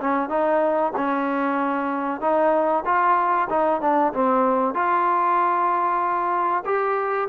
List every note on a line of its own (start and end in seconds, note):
0.00 0.29 C#4
0.29 0.92 D#4
0.96 2.21 C#4
2.21 2.84 D#4
2.85 3.48 F4
3.49 3.81 D#4
3.81 4.13 D4
4.13 4.74 C4
4.74 6.63 F4
6.65 7.28 G4